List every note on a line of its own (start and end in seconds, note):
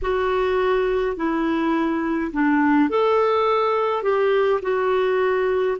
0.02 1.16 F#4
1.16 2.31 E4
2.32 2.89 D4
2.89 4.02 A4
4.02 4.60 G4
4.62 5.77 F#4